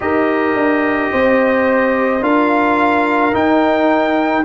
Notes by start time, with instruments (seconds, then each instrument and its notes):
0.00 tuba D#4, trombone G4, horn A#4, trumpet D#5
0.54 tuba D4
1.11 tuba C4, horn C5
2.21 tuba D4, trombone F4, horn A#4, trumpet F5
3.32 trombone D#4, tuba D#4, trumpet G5